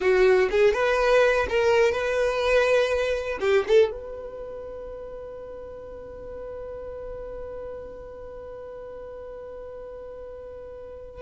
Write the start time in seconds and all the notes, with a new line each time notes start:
0.00 F#4
0.50 G#4
0.73 B4
1.49 A#4
1.92 B4
3.40 G4
3.67 A4
3.91 B4